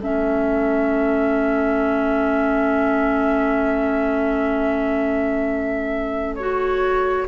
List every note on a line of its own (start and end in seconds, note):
0.00 7.28 A3
0.00 6.39 C#4
0.00 7.27 A4
0.00 6.35 E5
6.35 7.28 F#4
6.35 7.26 C#5